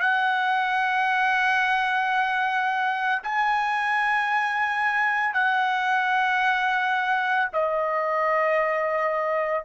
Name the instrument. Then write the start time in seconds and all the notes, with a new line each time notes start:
trumpet
0.00 F#5
3.22 G#5
5.33 F#5
7.53 D#5